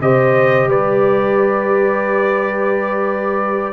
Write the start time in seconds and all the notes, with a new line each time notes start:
0.00 C3 G4 C5 D#5
0.66 G3 B4 D5